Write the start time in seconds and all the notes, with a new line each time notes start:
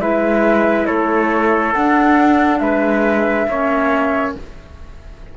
0.00 G#3 E4 B4 E5
0.86 A3 A4 C#5
1.73 D4 F#5
2.59 G#3 B4 E5
3.48 A#3 C#4 C#5